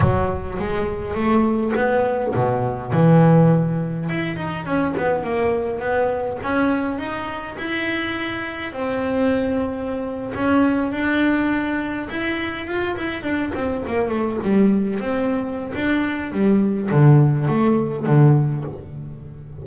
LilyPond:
\new Staff \with { instrumentName = "double bass" } { \time 4/4 \tempo 4 = 103 fis4 gis4 a4 b4 | b,4 e2 e'8 dis'8 | cis'8 b8 ais4 b4 cis'4 | dis'4 e'2 c'4~ |
c'4.~ c'16 cis'4 d'4~ d'16~ | d'8. e'4 f'8 e'8 d'8 c'8 ais16~ | ais16 a8 g4 c'4~ c'16 d'4 | g4 d4 a4 d4 | }